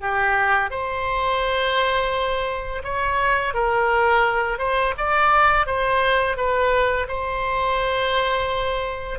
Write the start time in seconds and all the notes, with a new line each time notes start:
0.00 G4
0.70 C5
2.83 C#5
3.54 A#4
4.58 C5
4.98 D5
5.66 C5
6.37 B4
7.08 C5